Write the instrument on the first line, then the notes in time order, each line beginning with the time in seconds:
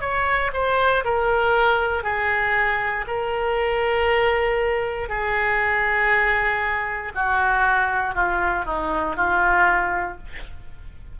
oboe
0.00 C#5
0.53 C5
1.04 A#4
2.03 G#4
3.07 A#4
5.08 G#4
7.14 F#4
8.14 F4
8.65 D#4
9.16 F4